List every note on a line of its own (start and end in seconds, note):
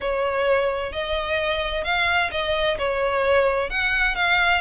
0.00 0.92 C#5
0.92 1.84 D#5
1.84 2.30 F5
2.31 2.77 D#5
2.78 3.69 C#5
3.69 4.15 F#5
4.15 4.61 F5